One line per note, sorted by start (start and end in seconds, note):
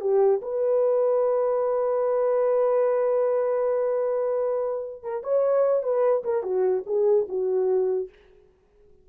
0.00 0.40 G4
0.42 5.03 B4
5.03 5.23 A#4
5.23 5.83 C#5
5.83 6.23 B4
6.23 6.43 A#4
6.43 6.83 F#4
6.86 7.26 G#4
7.28 8.09 F#4